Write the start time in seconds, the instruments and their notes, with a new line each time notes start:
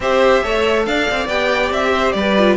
0.00 cello C4, viola G4, violin C5 E5
0.43 cello A3, viola A4, violin C#5
0.85 cello D4, violin D5 F5
1.10 cello C4
1.27 cello B3, viola G4, violin G5
1.71 cello C4, violin E5
1.92 violin C5
2.12 cello G3, violin B4 D5
2.37 viola F4